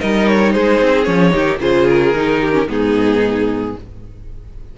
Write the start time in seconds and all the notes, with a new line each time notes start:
0.00 G3 D#4 A#4 D#5
0.27 C#5
0.53 G#3 G#4 C5
0.81 C4
1.04 F3 C#4 C#5
1.30 D#3 D#4 G4
1.60 C#3 F4 G#4 C5
1.89 A#4
2.15 D#3 D#4
2.42 G4
2.53 C#4
2.68 G#2 B3 D#4 G#4